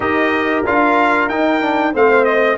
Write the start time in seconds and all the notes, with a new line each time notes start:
0.00 D#4 G4 A#4 D#5
0.65 D4 F4 F5
1.28 D#4 G5
1.61 D4
1.93 A3 C4 C5 F5
2.24 D#5